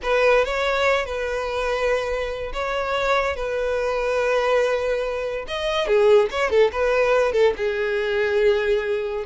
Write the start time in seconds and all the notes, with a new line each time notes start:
0.02 B4
0.44 C#5
1.05 B4
2.53 C#5
3.36 B4
5.47 D#5
5.87 G#4
6.30 C#5
6.50 A4
6.72 B4
7.32 A4
7.57 G#4